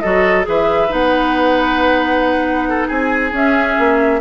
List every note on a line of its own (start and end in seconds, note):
0.00 0.47 F#3
0.00 0.43 F#4
0.00 0.46 A4
0.00 0.44 D#5
0.43 0.91 E3
0.43 0.87 G#4
0.43 2.69 B4
0.50 0.93 E5
0.89 2.89 B3
0.89 3.31 D#4
0.89 2.89 F#5
2.69 2.87 A4
2.87 3.32 C4
2.87 4.20 G#4
2.87 3.33 G#5
3.32 3.76 C#4
3.32 4.21 C#4
3.32 4.21 E5
3.78 4.21 A#3